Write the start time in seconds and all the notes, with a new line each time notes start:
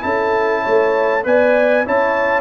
0.00 C#4 E4 A4 A5
0.62 A3 C#5
1.24 B3 B4 D5 G#5
1.86 C#4 E4 C#5 A5